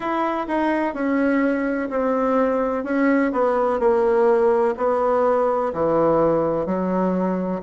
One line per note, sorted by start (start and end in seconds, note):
0.00 0.46 E4
0.47 0.94 D#4
0.94 1.89 C#4
1.90 2.84 C4
2.84 3.31 C#4
3.32 3.79 B3
3.79 4.74 A#3
4.77 5.72 B3
5.73 6.65 E3
6.65 7.61 F#3